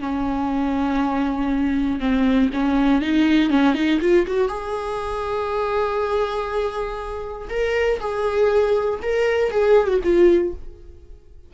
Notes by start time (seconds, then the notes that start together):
0.00 C#4
2.00 C4
2.53 C#4
3.02 D#4
3.50 C#4
3.75 D#4
4.01 F4
4.27 F#4
4.49 G#4
7.50 A#4
8.00 G#4
9.02 A#4
9.51 G#4
9.88 F#4
10.04 F4